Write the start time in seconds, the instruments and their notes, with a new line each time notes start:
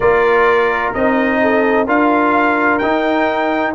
0.00 tuba A#3, trombone F4, horn A#4, trumpet D5
0.93 tuba C4, trombone D#4, trumpet D#5
1.41 horn A4
1.85 tuba D4, trombone F4, horn A#4, trumpet F5
2.78 tuba D#4, trombone D#4, trumpet G5